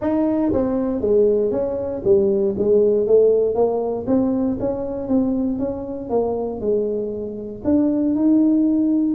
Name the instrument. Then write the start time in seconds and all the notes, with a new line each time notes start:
tuba
0.01 D#4
0.52 C4
1.00 G#3
1.51 C#4
2.04 G3
2.58 G#3
3.06 A3
3.54 A#3
4.06 C4
4.59 C#4
5.08 C4
5.58 C#4
6.09 A#3
6.60 G#3
7.64 D4
8.15 D#4